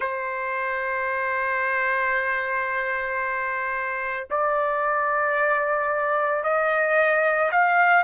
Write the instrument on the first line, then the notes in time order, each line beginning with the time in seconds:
trumpet
0.00 C5
4.30 D5
6.43 D#5
7.51 F5